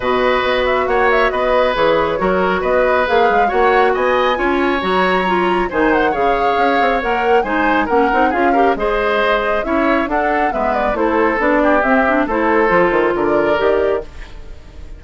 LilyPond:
<<
  \new Staff \with { instrumentName = "flute" } { \time 4/4 \tempo 4 = 137 dis''4. e''8 fis''8 e''8 dis''4 | cis''2 dis''4 f''4 | fis''4 gis''2 ais''4~ | ais''4 gis''8 fis''8 f''2 |
fis''4 gis''4 fis''4 f''4 | dis''2 e''4 fis''4 | e''8 d''8 c''4 d''4 e''4 | c''2 d''2 | }
  \new Staff \with { instrumentName = "oboe" } { \time 4/4 b'2 cis''4 b'4~ | b'4 ais'4 b'2 | cis''4 dis''4 cis''2~ | cis''4 c''4 cis''2~ |
cis''4 c''4 ais'4 gis'8 ais'8 | c''2 cis''4 a'4 | b'4 a'4. g'4. | a'2 ais'2 | }
  \new Staff \with { instrumentName = "clarinet" } { \time 4/4 fis'1 | gis'4 fis'2 gis'4 | fis'2 f'4 fis'4 | f'4 dis'4 gis'2 |
ais'4 dis'4 cis'8 dis'8 f'8 g'8 | gis'2 e'4 d'4 | b4 e'4 d'4 c'8 d'8 | e'4 f'2 g'4 | }
  \new Staff \with { instrumentName = "bassoon" } { \time 4/4 b,4 b4 ais4 b4 | e4 fis4 b4 ais8 gis8 | ais4 b4 cis'4 fis4~ | fis4 dis4 cis4 cis'8 c'8 |
ais4 gis4 ais8 c'8 cis'4 | gis2 cis'4 d'4 | gis4 a4 b4 c'4 | a4 f8 dis8 d4 dis4 | }
>>